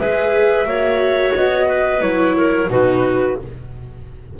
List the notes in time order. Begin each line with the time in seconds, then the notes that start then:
0.00 G#3 G#4 B4 E5
0.66 A#3 F#4 C#5
1.36 B3 D#5
1.68 B4
2.01 F#3 E4 C#5
2.37 A#4
2.70 B2 D#4 F#4 B4